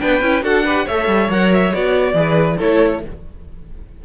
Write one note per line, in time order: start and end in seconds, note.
0.00 0.22 B3
0.00 0.22 D4
0.00 0.44 B4
0.00 0.43 G5
0.22 0.43 C#4
0.22 0.42 E4
0.42 0.86 D4
0.42 0.64 F#4
0.42 0.65 A4
0.42 0.88 F#5
0.65 0.88 G4
0.65 0.86 B4
0.86 1.07 A3
0.86 1.30 A4
0.86 2.15 C#5
0.86 1.31 E5
1.07 1.29 G3
1.30 1.73 F#3
1.30 1.71 A#4
1.30 1.52 F#5
1.53 1.74 E5
1.71 2.14 B3
1.71 2.14 F#4
1.71 2.60 D5
2.14 2.57 E3
2.14 2.58 G#4
2.14 2.58 B4
2.58 3.05 A3
2.58 3.03 E4
2.58 3.01 A4
2.58 3.03 C#5